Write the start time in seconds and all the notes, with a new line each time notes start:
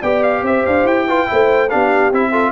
0.00 B3 G4 D5 G5
0.23 F5
0.42 C4 C5 E5
0.66 D4 F5
0.84 E4 G5
1.07 F4 B4
1.27 A3 E4 C5
1.69 B3 D4 G4 F5
2.11 C4 E4 E5
2.30 F4 A4